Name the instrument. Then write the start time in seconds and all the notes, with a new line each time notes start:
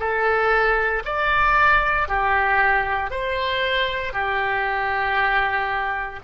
oboe
0.00 A4
1.05 D5
2.09 G4
3.11 C5
4.13 G4